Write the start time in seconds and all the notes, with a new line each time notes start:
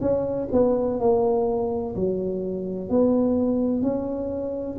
0.00 C#4
0.52 B3
0.99 A#3
1.95 F#3
2.89 B3
3.82 C#4